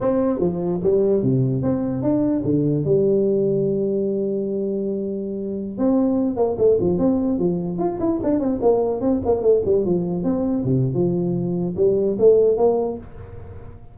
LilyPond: \new Staff \with { instrumentName = "tuba" } { \time 4/4 \tempo 4 = 148 c'4 f4 g4 c4 | c'4 d'4 d4 g4~ | g1~ | g2~ g16 c'4. ais16~ |
ais16 a8 f8 c'4 f4 f'8 e'16~ | e'16 d'8 c'8 ais4 c'8 ais8 a8 g16~ | g16 f4 c'4 c8. f4~ | f4 g4 a4 ais4 | }